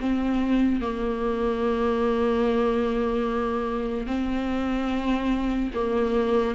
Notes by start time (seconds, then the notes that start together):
0.00 C4
0.81 A#3
4.07 C4
5.75 A#3